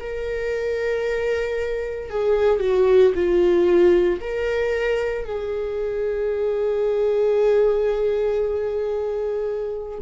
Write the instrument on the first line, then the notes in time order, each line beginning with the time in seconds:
viola
0.00 A#4
2.10 G#4
2.60 F#4
3.15 F4
4.20 A#4
5.24 G#4